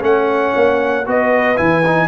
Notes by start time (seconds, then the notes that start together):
0.00 A3 C#4 C#5 F#5
0.56 A#3
1.07 B3 F#4 B4 D#5
1.56 E3 E4 G#5
1.86 D#4